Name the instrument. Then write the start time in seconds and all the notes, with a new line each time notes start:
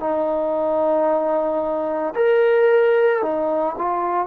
trombone
0.00 D#4
2.15 A#4
3.22 D#4
3.78 F4